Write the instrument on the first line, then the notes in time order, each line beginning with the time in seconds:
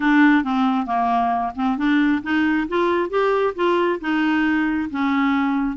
clarinet
0.00 D4
0.44 C4
0.86 A#3
1.55 C4
1.77 D4
2.23 D#4
2.68 F4
3.09 G4
3.55 F4
4.00 D#4
4.90 C#4